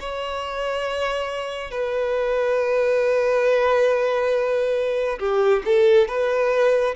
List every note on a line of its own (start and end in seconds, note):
0.00 1.71 C#5
1.71 5.19 B4
5.19 5.63 G4
5.65 6.08 A4
6.08 6.95 B4